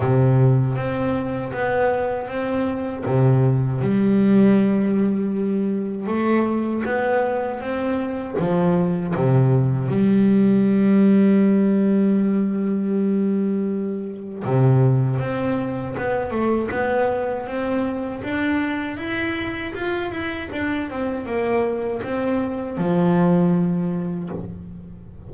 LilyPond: \new Staff \with { instrumentName = "double bass" } { \time 4/4 \tempo 4 = 79 c4 c'4 b4 c'4 | c4 g2. | a4 b4 c'4 f4 | c4 g2.~ |
g2. c4 | c'4 b8 a8 b4 c'4 | d'4 e'4 f'8 e'8 d'8 c'8 | ais4 c'4 f2 | }